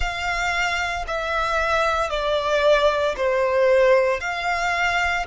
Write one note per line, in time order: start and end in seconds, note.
0.00 1.05 F5
1.07 2.10 E5
2.10 3.15 D5
3.16 4.20 C5
4.20 5.25 F5